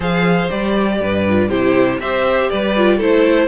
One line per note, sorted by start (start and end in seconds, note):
0.00 0.49 F3
0.00 0.49 G#4
0.00 0.98 C5
0.00 0.50 F5
0.49 1.00 G3
0.49 1.24 G4
0.49 1.50 D5
1.00 1.49 G2
1.00 1.49 B4
1.29 1.50 F4
1.49 1.99 C3
1.49 2.00 E4
1.49 1.99 G4
1.49 1.99 C5
1.99 2.49 C4
1.99 2.76 G4
1.99 2.50 C5
1.99 2.49 E5
2.49 3.00 G3
2.49 2.97 B4
2.49 2.99 D5
2.76 2.99 F4
2.97 3.47 A3
2.97 3.47 E4
2.97 3.47 A4
2.97 3.47 C5